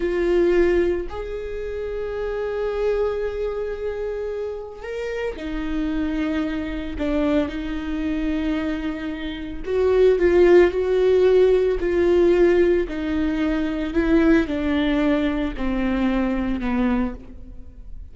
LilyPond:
\new Staff \with { instrumentName = "viola" } { \time 4/4 \tempo 4 = 112 f'2 gis'2~ | gis'1~ | gis'4 ais'4 dis'2~ | dis'4 d'4 dis'2~ |
dis'2 fis'4 f'4 | fis'2 f'2 | dis'2 e'4 d'4~ | d'4 c'2 b4 | }